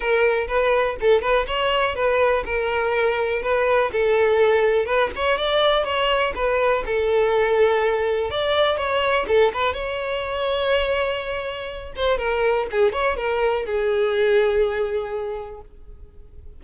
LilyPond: \new Staff \with { instrumentName = "violin" } { \time 4/4 \tempo 4 = 123 ais'4 b'4 a'8 b'8 cis''4 | b'4 ais'2 b'4 | a'2 b'8 cis''8 d''4 | cis''4 b'4 a'2~ |
a'4 d''4 cis''4 a'8 b'8 | cis''1~ | cis''8 c''8 ais'4 gis'8 cis''8 ais'4 | gis'1 | }